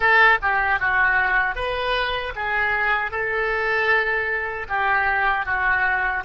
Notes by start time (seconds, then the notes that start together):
0.00 A4
0.42 G4
0.79 F#4
1.55 B4
2.35 G#4
3.11 A4
4.68 G4
5.45 F#4